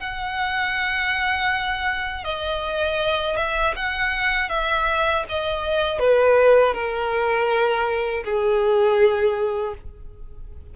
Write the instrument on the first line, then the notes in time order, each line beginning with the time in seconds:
violin
0.00 F#5
2.24 D#5
3.36 E5
3.76 F#5
4.49 E5
5.29 D#5
5.99 B4
6.74 A#4
8.24 G#4